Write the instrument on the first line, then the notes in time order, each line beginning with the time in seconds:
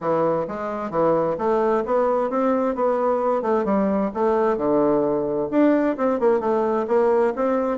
bassoon
0.00 E3
0.47 G#3
0.90 E3
1.37 A3
1.85 B3
2.30 C4
2.75 B3
3.42 A3
3.64 G3
4.14 A3
4.57 D3
5.50 D4
5.97 C4
6.19 A#3
6.40 A3
6.87 A#3
7.35 C4